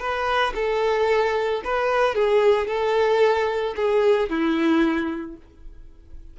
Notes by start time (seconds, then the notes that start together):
0.00 B4
0.55 A4
1.65 B4
2.15 G#4
2.68 A4
3.77 G#4
4.30 E4